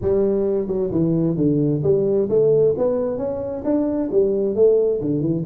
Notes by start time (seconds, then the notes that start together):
0.01 G3
0.67 F#3
0.91 E3
1.37 D3
1.83 G3
2.29 A3
2.77 B3
3.17 C#4
3.64 D4
4.11 G3
4.55 A3
5.00 D3
5.20 E3